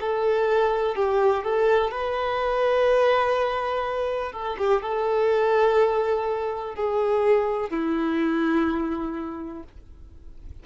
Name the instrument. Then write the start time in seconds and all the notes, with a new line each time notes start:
violin
0.00 A4
0.95 G4
1.44 A4
1.91 B4
4.32 A4
4.58 G4
4.82 A4
6.75 G#4
7.70 E4